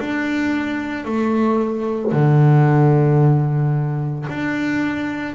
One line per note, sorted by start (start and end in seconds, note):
0.00 1.05 D4
1.05 2.12 A3
2.12 4.27 D3
4.30 5.35 D4